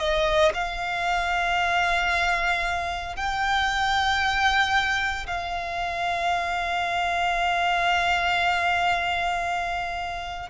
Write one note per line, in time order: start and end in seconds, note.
0.00 0.53 D#5
0.55 3.16 F5
3.16 5.27 G5
5.27 10.50 F5